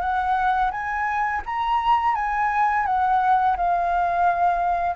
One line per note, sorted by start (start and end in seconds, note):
0.00 0.71 F#5
0.71 1.41 G#5
1.45 2.15 A#5
2.15 2.86 G#5
2.86 3.56 F#5
3.56 4.95 F5